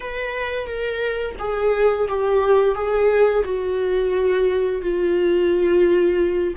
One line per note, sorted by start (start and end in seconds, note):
0.00 0.66 B4
0.66 1.35 A#4
1.39 2.08 G#4
2.08 2.74 G4
2.74 3.43 G#4
3.44 4.81 F#4
4.81 6.53 F4